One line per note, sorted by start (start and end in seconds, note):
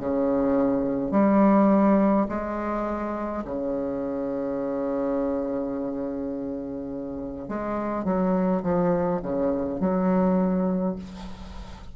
0.00 1.12 C#3
1.12 2.27 G3
2.29 3.45 G#3
3.45 7.49 C#3
7.49 8.05 G#3
8.05 8.62 F#3
8.63 9.21 F3
9.23 9.80 C#3
9.80 10.96 F#3